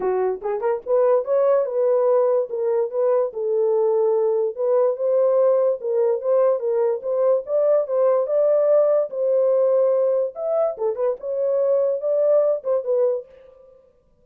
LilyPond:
\new Staff \with { instrumentName = "horn" } { \time 4/4 \tempo 4 = 145 fis'4 gis'8 ais'8 b'4 cis''4 | b'2 ais'4 b'4 | a'2. b'4 | c''2 ais'4 c''4 |
ais'4 c''4 d''4 c''4 | d''2 c''2~ | c''4 e''4 a'8 b'8 cis''4~ | cis''4 d''4. c''8 b'4 | }